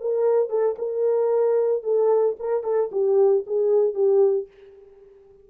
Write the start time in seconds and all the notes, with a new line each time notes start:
0.00 A#4
0.49 A4
0.78 A#4
1.83 A4
2.39 A#4
2.63 A4
2.92 G4
3.47 G#4
3.94 G4